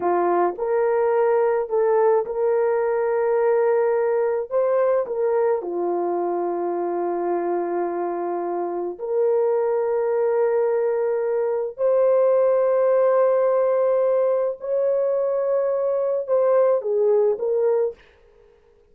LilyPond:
\new Staff \with { instrumentName = "horn" } { \time 4/4 \tempo 4 = 107 f'4 ais'2 a'4 | ais'1 | c''4 ais'4 f'2~ | f'1 |
ais'1~ | ais'4 c''2.~ | c''2 cis''2~ | cis''4 c''4 gis'4 ais'4 | }